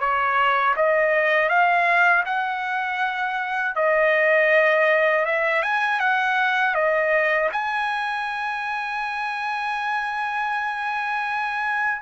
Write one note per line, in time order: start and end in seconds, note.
0.00 0.75 C#5
0.76 1.49 D#5
1.49 2.24 F5
2.26 3.76 F#5
3.76 5.26 D#5
5.26 5.63 E5
5.63 6.00 G#5
6.00 6.75 F#5
6.75 7.50 D#5
7.53 12.02 G#5